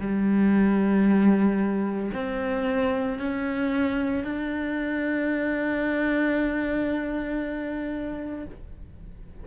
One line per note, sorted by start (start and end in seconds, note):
0.00 2.11 G3
2.13 3.19 C4
3.19 4.24 C#4
4.24 8.45 D4